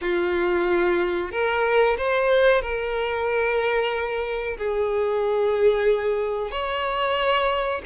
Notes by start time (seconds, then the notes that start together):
0.01 F4
1.31 A#4
1.97 C5
2.61 A#4
4.57 G#4
6.51 C#5